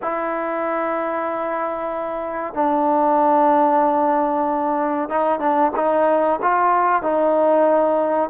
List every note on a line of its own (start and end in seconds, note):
0.02 2.54 E4
2.54 5.09 D4
5.09 5.39 D#4
5.39 5.71 D4
5.76 6.39 D#4
6.41 7.02 F4
7.02 8.29 D#4